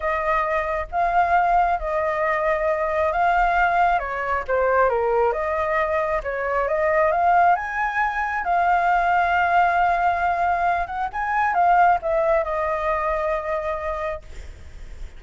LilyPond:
\new Staff \with { instrumentName = "flute" } { \time 4/4 \tempo 4 = 135 dis''2 f''2 | dis''2. f''4~ | f''4 cis''4 c''4 ais'4 | dis''2 cis''4 dis''4 |
f''4 gis''2 f''4~ | f''1~ | f''8 fis''8 gis''4 f''4 e''4 | dis''1 | }